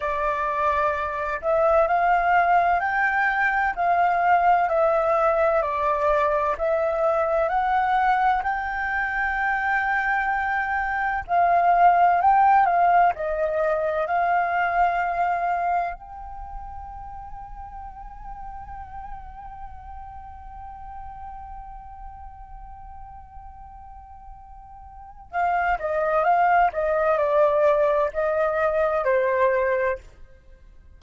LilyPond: \new Staff \with { instrumentName = "flute" } { \time 4/4 \tempo 4 = 64 d''4. e''8 f''4 g''4 | f''4 e''4 d''4 e''4 | fis''4 g''2. | f''4 g''8 f''8 dis''4 f''4~ |
f''4 g''2.~ | g''1~ | g''2. f''8 dis''8 | f''8 dis''8 d''4 dis''4 c''4 | }